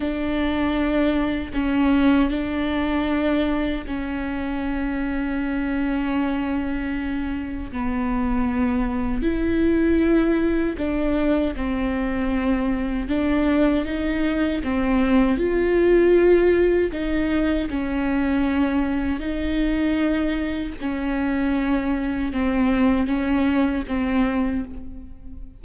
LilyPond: \new Staff \with { instrumentName = "viola" } { \time 4/4 \tempo 4 = 78 d'2 cis'4 d'4~ | d'4 cis'2.~ | cis'2 b2 | e'2 d'4 c'4~ |
c'4 d'4 dis'4 c'4 | f'2 dis'4 cis'4~ | cis'4 dis'2 cis'4~ | cis'4 c'4 cis'4 c'4 | }